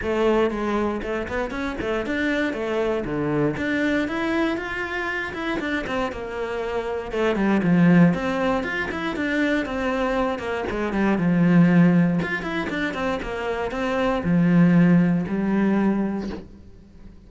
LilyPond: \new Staff \with { instrumentName = "cello" } { \time 4/4 \tempo 4 = 118 a4 gis4 a8 b8 cis'8 a8 | d'4 a4 d4 d'4 | e'4 f'4. e'8 d'8 c'8 | ais2 a8 g8 f4 |
c'4 f'8 e'8 d'4 c'4~ | c'8 ais8 gis8 g8 f2 | f'8 e'8 d'8 c'8 ais4 c'4 | f2 g2 | }